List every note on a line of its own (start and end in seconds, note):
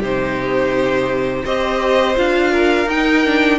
0.00 1.43 C3
0.00 1.45 D#4
0.00 1.43 G4
0.00 1.46 C5
1.45 2.17 C4
1.45 2.15 G4
1.45 2.51 C5
1.45 2.17 D#5
2.15 2.86 D4
2.15 2.86 F4
2.15 2.90 F5
2.51 3.59 A#4
2.86 3.58 D#4
2.86 3.25 D#4
2.86 3.59 G5
3.25 3.59 D4